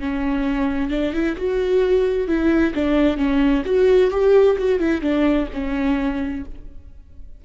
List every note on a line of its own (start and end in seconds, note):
0.00 0.91 C#4
0.91 1.13 D4
1.13 1.36 E4
1.37 2.28 F#4
2.28 2.74 E4
2.74 3.17 D4
3.17 3.63 C#4
3.65 4.11 F#4
4.11 4.57 G4
4.58 4.79 F#4
4.79 5.01 E4
5.01 5.47 D4
5.53 6.45 C#4